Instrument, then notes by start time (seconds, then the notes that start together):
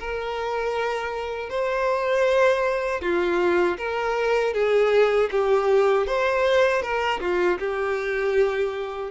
violin
0.00 A#4
1.50 C5
3.02 F4
3.78 A#4
4.54 G#4
5.32 G4
6.07 C5
6.83 A#4
7.21 F4
7.60 G4